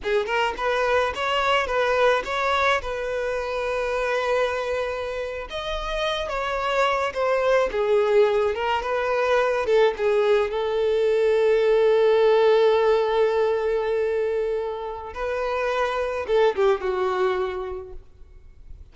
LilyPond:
\new Staff \with { instrumentName = "violin" } { \time 4/4 \tempo 4 = 107 gis'8 ais'8 b'4 cis''4 b'4 | cis''4 b'2.~ | b'4.~ b'16 dis''4. cis''8.~ | cis''8. c''4 gis'4. ais'8 b'16~ |
b'4~ b'16 a'8 gis'4 a'4~ a'16~ | a'1~ | a'2. b'4~ | b'4 a'8 g'8 fis'2 | }